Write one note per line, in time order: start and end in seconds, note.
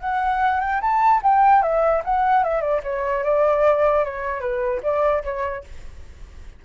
0.00 0.60 F#5
0.61 0.81 G5
0.81 1.21 A5
1.23 1.62 G5
1.62 2.03 E5
2.04 2.44 F#5
2.44 2.61 E5
2.61 2.81 D5
2.83 3.24 C#5
3.24 4.04 D5
4.04 4.41 C#5
4.41 4.81 B4
4.83 5.23 D5
5.24 5.64 C#5